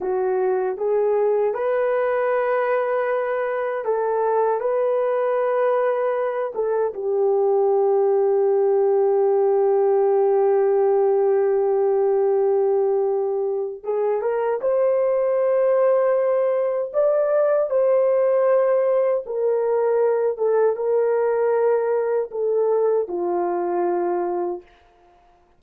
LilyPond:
\new Staff \with { instrumentName = "horn" } { \time 4/4 \tempo 4 = 78 fis'4 gis'4 b'2~ | b'4 a'4 b'2~ | b'8 a'8 g'2.~ | g'1~ |
g'2 gis'8 ais'8 c''4~ | c''2 d''4 c''4~ | c''4 ais'4. a'8 ais'4~ | ais'4 a'4 f'2 | }